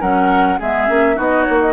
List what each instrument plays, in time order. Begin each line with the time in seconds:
0.00 bassoon F#3, clarinet C#4, oboe A#4, flute F#5
0.59 bassoon G#3, clarinet B3, oboe G#4, flute E5
0.87 bassoon A#3, clarinet C#4
1.15 bassoon B3, clarinet D#4, oboe F#4, flute D#5
1.43 bassoon A#3, flute C#5
1.61 flute D#5